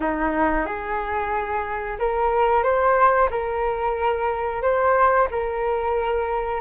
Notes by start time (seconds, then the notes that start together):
0.00 D#4
0.66 G#4
1.98 A#4
2.63 C5
3.30 A#4
4.62 C5
5.30 A#4